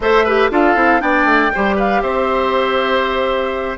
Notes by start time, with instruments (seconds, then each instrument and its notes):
0.00 bassoon A3, clarinet A4, oboe C5, flute E5
0.24 clarinet G4, oboe B4
0.50 bassoon D4, clarinet F4, oboe A4, flute F5
0.75 bassoon C4, clarinet E4
0.99 bassoon B3, clarinet D4, oboe D5, flute G5
1.24 bassoon A3
1.54 bassoon G3, clarinet G4, oboe C5
1.76 oboe B4, flute F5
2.01 bassoon C4, oboe C5, flute E5